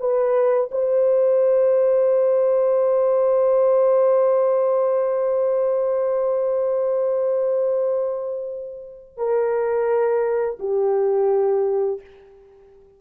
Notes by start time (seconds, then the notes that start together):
0.00 B4
0.72 C5
9.17 A#4
10.59 G4